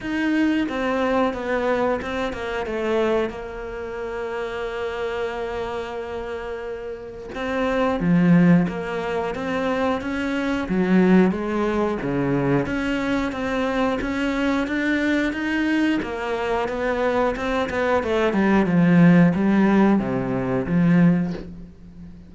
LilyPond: \new Staff \with { instrumentName = "cello" } { \time 4/4 \tempo 4 = 90 dis'4 c'4 b4 c'8 ais8 | a4 ais2.~ | ais2. c'4 | f4 ais4 c'4 cis'4 |
fis4 gis4 cis4 cis'4 | c'4 cis'4 d'4 dis'4 | ais4 b4 c'8 b8 a8 g8 | f4 g4 c4 f4 | }